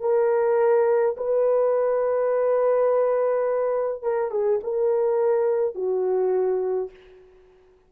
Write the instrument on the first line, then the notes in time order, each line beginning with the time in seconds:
horn
0.00 A#4
1.16 B4
4.02 A#4
4.31 G#4
4.63 A#4
5.74 F#4